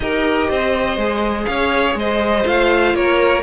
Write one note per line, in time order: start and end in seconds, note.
0.00 0.46 D#4
0.00 0.98 G4
0.00 0.50 A#4
0.00 1.45 D#5
0.50 0.96 C4
0.50 1.48 C5
0.96 1.45 G#3
0.96 2.43 G#4
1.45 1.95 C#4
1.45 1.99 C#5
1.45 1.94 F5
1.95 2.44 G#3
1.95 2.95 C5
1.95 2.46 D#5
2.43 2.94 A3
2.43 3.41 F4
2.43 2.95 F5
2.94 3.42 A#3
2.94 3.42 A#4
2.94 3.42 C#5